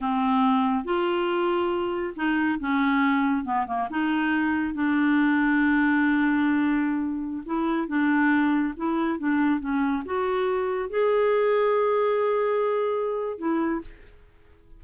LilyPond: \new Staff \with { instrumentName = "clarinet" } { \time 4/4 \tempo 4 = 139 c'2 f'2~ | f'4 dis'4 cis'2 | b8 ais8 dis'2 d'4~ | d'1~ |
d'4~ d'16 e'4 d'4.~ d'16~ | d'16 e'4 d'4 cis'4 fis'8.~ | fis'4~ fis'16 gis'2~ gis'8.~ | gis'2. e'4 | }